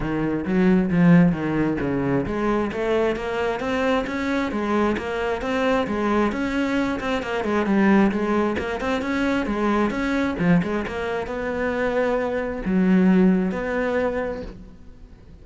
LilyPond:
\new Staff \with { instrumentName = "cello" } { \time 4/4 \tempo 4 = 133 dis4 fis4 f4 dis4 | cis4 gis4 a4 ais4 | c'4 cis'4 gis4 ais4 | c'4 gis4 cis'4. c'8 |
ais8 gis8 g4 gis4 ais8 c'8 | cis'4 gis4 cis'4 f8 gis8 | ais4 b2. | fis2 b2 | }